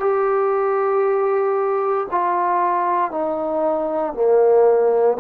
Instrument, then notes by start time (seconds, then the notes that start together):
trombone
0.00 G4
2.11 F4
3.11 D#4
4.14 A#3